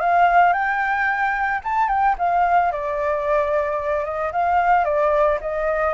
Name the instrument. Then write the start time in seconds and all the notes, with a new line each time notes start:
flute
0.00 F5
0.53 G5
1.64 A5
1.88 G5
2.18 F5
2.72 D5
4.05 D#5
4.32 F5
4.85 D5
5.41 D#5